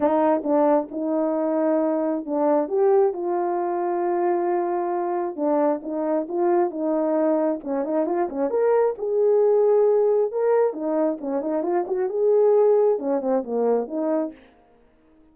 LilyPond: \new Staff \with { instrumentName = "horn" } { \time 4/4 \tempo 4 = 134 dis'4 d'4 dis'2~ | dis'4 d'4 g'4 f'4~ | f'1 | d'4 dis'4 f'4 dis'4~ |
dis'4 cis'8 dis'8 f'8 cis'8 ais'4 | gis'2. ais'4 | dis'4 cis'8 dis'8 f'8 fis'8 gis'4~ | gis'4 cis'8 c'8 ais4 dis'4 | }